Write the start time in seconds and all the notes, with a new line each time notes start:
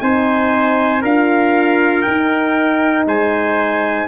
0.00 C4 D#4 C5 G#5
1.02 D4 F4 A#4 F5
2.02 D#4 G5
3.06 G#3 C5 G#5